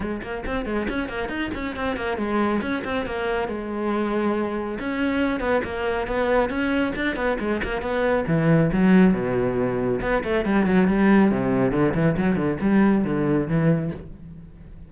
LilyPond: \new Staff \with { instrumentName = "cello" } { \time 4/4 \tempo 4 = 138 gis8 ais8 c'8 gis8 cis'8 ais8 dis'8 cis'8 | c'8 ais8 gis4 cis'8 c'8 ais4 | gis2. cis'4~ | cis'8 b8 ais4 b4 cis'4 |
d'8 b8 gis8 ais8 b4 e4 | fis4 b,2 b8 a8 | g8 fis8 g4 c4 d8 e8 | fis8 d8 g4 d4 e4 | }